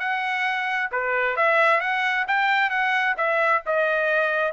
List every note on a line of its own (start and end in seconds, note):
0.00 0.90 F#5
0.92 1.37 B4
1.37 1.81 E5
1.81 2.26 F#5
2.28 2.70 G5
2.70 3.15 F#5
3.17 3.63 E5
3.66 4.53 D#5